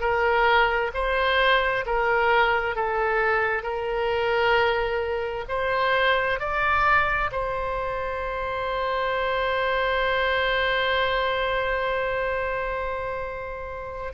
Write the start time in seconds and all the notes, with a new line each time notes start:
0.00 A#4
0.93 C5
1.86 A#4
2.75 A4
3.63 A#4
5.48 C5
6.39 D5
7.31 C5